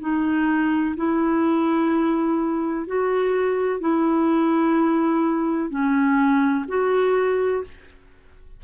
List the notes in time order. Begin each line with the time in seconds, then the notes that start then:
0.00 D#4
0.96 E4
2.87 F#4
3.80 E4
5.70 C#4
6.68 F#4